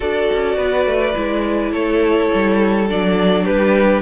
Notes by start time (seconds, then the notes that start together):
0.00 D4 F#4 A4 D5
0.32 C#4
0.56 B3 B4
0.85 A3
1.15 G#3 E4
1.71 A3 A4 C#5
2.33 G3
2.89 F#3 D4 D5
3.44 G3 G4 B4